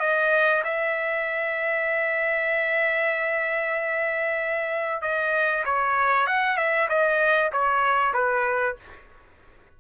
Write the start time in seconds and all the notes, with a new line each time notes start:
0.00 D#5
0.64 E5
5.02 D#5
5.65 C#5
6.27 F#5
6.57 E5
6.89 D#5
7.52 C#5
8.14 B4